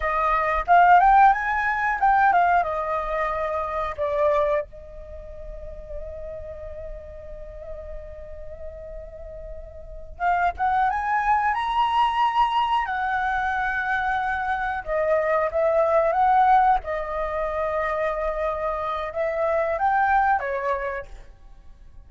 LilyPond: \new Staff \with { instrumentName = "flute" } { \time 4/4 \tempo 4 = 91 dis''4 f''8 g''8 gis''4 g''8 f''8 | dis''2 d''4 dis''4~ | dis''1~ | dis''2.~ dis''8 f''8 |
fis''8 gis''4 ais''2 fis''8~ | fis''2~ fis''8 dis''4 e''8~ | e''8 fis''4 dis''2~ dis''8~ | dis''4 e''4 g''4 cis''4 | }